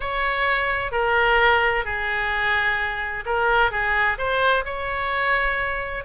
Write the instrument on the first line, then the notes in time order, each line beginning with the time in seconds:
oboe
0.00 C#5
0.91 A#4
1.84 G#4
3.25 A#4
3.71 G#4
4.17 C5
4.65 C#5